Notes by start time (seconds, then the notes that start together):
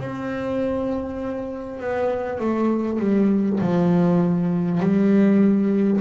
0.00 C4
1.79 B3
2.39 A3
2.99 G3
3.61 F3
4.80 G3